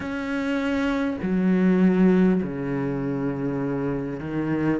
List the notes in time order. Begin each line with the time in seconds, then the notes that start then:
0.00 C#4
1.22 F#3
2.43 C#3
4.20 D#3